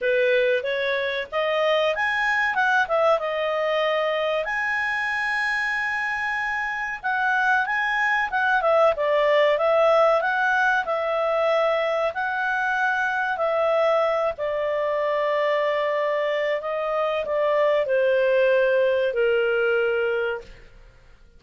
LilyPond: \new Staff \with { instrumentName = "clarinet" } { \time 4/4 \tempo 4 = 94 b'4 cis''4 dis''4 gis''4 | fis''8 e''8 dis''2 gis''4~ | gis''2. fis''4 | gis''4 fis''8 e''8 d''4 e''4 |
fis''4 e''2 fis''4~ | fis''4 e''4. d''4.~ | d''2 dis''4 d''4 | c''2 ais'2 | }